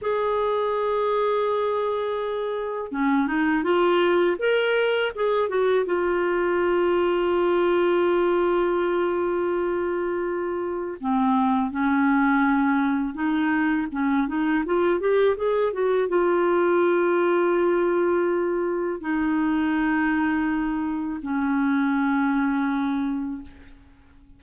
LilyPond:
\new Staff \with { instrumentName = "clarinet" } { \time 4/4 \tempo 4 = 82 gis'1 | cis'8 dis'8 f'4 ais'4 gis'8 fis'8 | f'1~ | f'2. c'4 |
cis'2 dis'4 cis'8 dis'8 | f'8 g'8 gis'8 fis'8 f'2~ | f'2 dis'2~ | dis'4 cis'2. | }